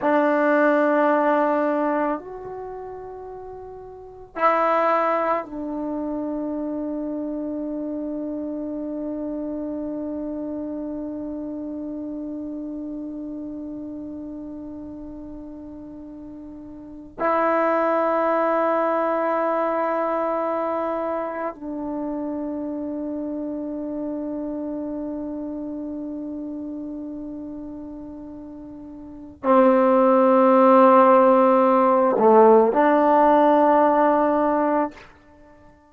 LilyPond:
\new Staff \with { instrumentName = "trombone" } { \time 4/4 \tempo 4 = 55 d'2 fis'2 | e'4 d'2.~ | d'1~ | d'2.~ d'8. e'16~ |
e'2.~ e'8. d'16~ | d'1~ | d'2. c'4~ | c'4. a8 d'2 | }